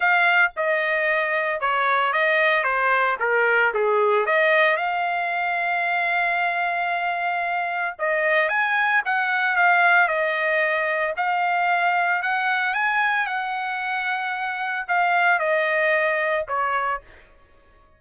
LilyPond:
\new Staff \with { instrumentName = "trumpet" } { \time 4/4 \tempo 4 = 113 f''4 dis''2 cis''4 | dis''4 c''4 ais'4 gis'4 | dis''4 f''2.~ | f''2. dis''4 |
gis''4 fis''4 f''4 dis''4~ | dis''4 f''2 fis''4 | gis''4 fis''2. | f''4 dis''2 cis''4 | }